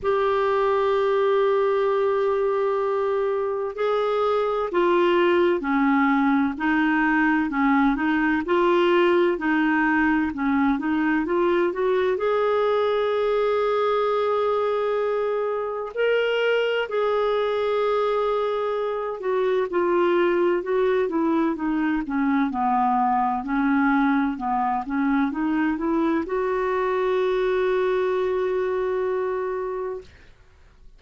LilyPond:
\new Staff \with { instrumentName = "clarinet" } { \time 4/4 \tempo 4 = 64 g'1 | gis'4 f'4 cis'4 dis'4 | cis'8 dis'8 f'4 dis'4 cis'8 dis'8 | f'8 fis'8 gis'2.~ |
gis'4 ais'4 gis'2~ | gis'8 fis'8 f'4 fis'8 e'8 dis'8 cis'8 | b4 cis'4 b8 cis'8 dis'8 e'8 | fis'1 | }